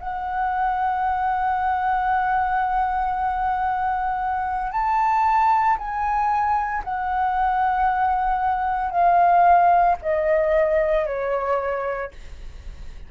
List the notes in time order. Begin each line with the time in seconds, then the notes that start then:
0.00 F#5
4.72 A5
5.78 G#5
6.84 F#5
8.91 F5
10.02 D#5
11.06 C#5